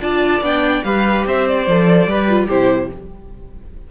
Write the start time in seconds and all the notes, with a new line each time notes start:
0.00 D4 F4 D5 A5
0.42 B3 D4 G5
0.84 G3 G4 B4 F5
1.26 C4 C5 E5
1.48 D5
1.67 F3 A4
2.07 G3 G4 B4
2.29 F4
2.46 C3 E4 G4 C5